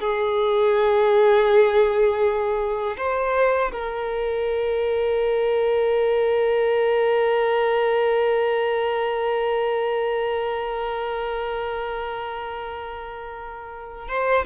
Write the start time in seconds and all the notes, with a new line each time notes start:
0.00 G#4
2.97 C5
3.72 A#4
14.08 C5